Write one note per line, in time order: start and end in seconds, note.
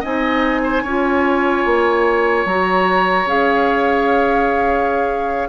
0.00 0.83 C4
0.00 0.85 D#4
0.00 0.61 D#5
0.00 2.47 G#5
0.64 0.83 C5
0.83 1.65 C#4
0.83 2.48 F4
0.83 5.49 C#5
1.66 2.45 A#3
2.45 3.26 F#3
2.45 3.27 F#4
2.45 3.28 A#5
3.26 5.49 C#4
3.26 5.49 G#4
3.26 5.49 F5